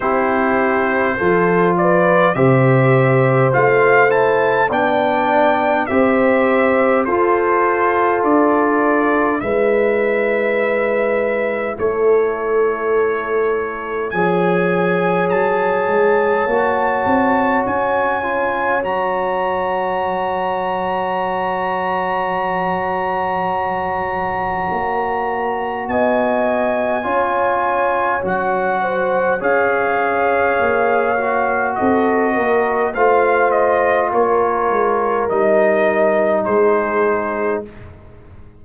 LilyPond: <<
  \new Staff \with { instrumentName = "trumpet" } { \time 4/4 \tempo 4 = 51 c''4. d''8 e''4 f''8 a''8 | g''4 e''4 c''4 d''4 | e''2 cis''2 | gis''4 a''2 gis''4 |
ais''1~ | ais''2 gis''2 | fis''4 f''2 dis''4 | f''8 dis''8 cis''4 dis''4 c''4 | }
  \new Staff \with { instrumentName = "horn" } { \time 4/4 g'4 a'8 b'8 c''2 | d''4 c''4 a'2 | b'2 a'2 | cis''1~ |
cis''1~ | cis''2 dis''4 cis''4~ | cis''8 c''8 cis''2 a'8 ais'8 | c''4 ais'2 gis'4 | }
  \new Staff \with { instrumentName = "trombone" } { \time 4/4 e'4 f'4 g'4 f'8 e'8 | d'4 g'4 f'2 | e'1 | gis'2 fis'4. f'8 |
fis'1~ | fis'2. f'4 | fis'4 gis'4. fis'4. | f'2 dis'2 | }
  \new Staff \with { instrumentName = "tuba" } { \time 4/4 c'4 f4 c4 a4 | b4 c'4 f'4 d'4 | gis2 a2 | f4 fis8 gis8 ais8 c'8 cis'4 |
fis1~ | fis4 ais4 b4 cis'4 | fis4 cis'4 ais4 c'8 ais8 | a4 ais8 gis8 g4 gis4 | }
>>